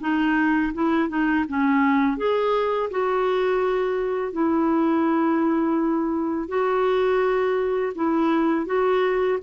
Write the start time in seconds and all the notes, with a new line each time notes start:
0.00 D#4
0.73 E4
1.08 D#4
1.48 C#4
2.17 G#4
2.90 F#4
4.32 E4
6.48 F#4
7.95 E4
8.66 F#4